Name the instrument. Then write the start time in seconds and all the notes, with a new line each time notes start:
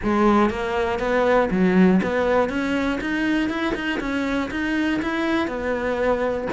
cello
0.02 G#3
0.50 A#3
0.99 B3
1.50 F#3
2.02 B3
2.49 C#4
3.00 D#4
3.49 E4
3.74 D#4
4.00 C#4
4.50 D#4
5.02 E4
5.47 B3